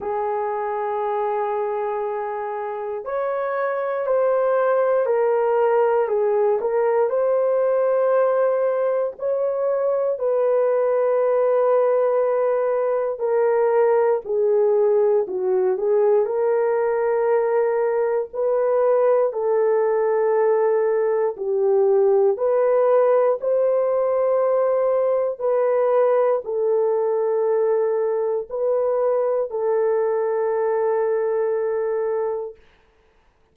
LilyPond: \new Staff \with { instrumentName = "horn" } { \time 4/4 \tempo 4 = 59 gis'2. cis''4 | c''4 ais'4 gis'8 ais'8 c''4~ | c''4 cis''4 b'2~ | b'4 ais'4 gis'4 fis'8 gis'8 |
ais'2 b'4 a'4~ | a'4 g'4 b'4 c''4~ | c''4 b'4 a'2 | b'4 a'2. | }